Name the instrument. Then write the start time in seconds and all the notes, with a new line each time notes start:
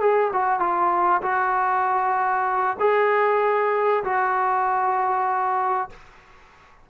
trombone
0.00 G#4
0.32 F#4
0.59 F4
1.22 F#4
2.79 G#4
4.03 F#4